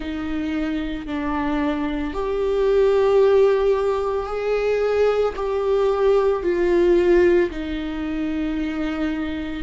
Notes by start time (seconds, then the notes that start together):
0.00 D#4
1.06 D4
2.13 G4
4.26 G#4
5.36 G4
6.42 F4
7.50 D#4